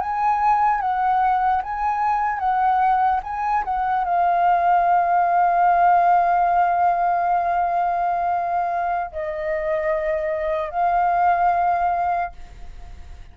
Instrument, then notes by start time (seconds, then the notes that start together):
flute
0.00 G#5
0.80 F#5
1.62 G#5
2.39 F#5
3.23 G#5
3.64 F#5
4.04 F5
9.11 D#5
10.70 F5